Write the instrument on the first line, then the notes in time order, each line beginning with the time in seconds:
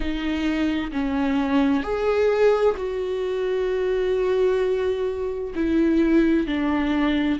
viola
0.00 D#4
0.91 C#4
1.83 G#4
2.77 F#4
5.55 E4
6.47 D4